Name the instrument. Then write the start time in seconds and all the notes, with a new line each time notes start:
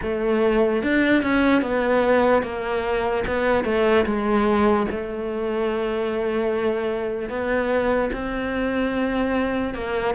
cello
0.02 A3
0.82 D4
1.22 C#4
1.61 B3
2.43 A#3
3.27 B3
3.64 A3
4.05 G#3
4.90 A3
7.29 B3
8.12 C4
9.74 A#3